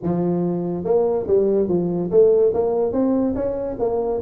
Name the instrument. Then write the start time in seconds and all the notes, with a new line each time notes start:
tuba
0.02 F3
0.84 A#3
1.27 G3
1.68 F3
2.11 A3
2.53 A#3
2.92 C4
3.35 C#4
3.79 A#3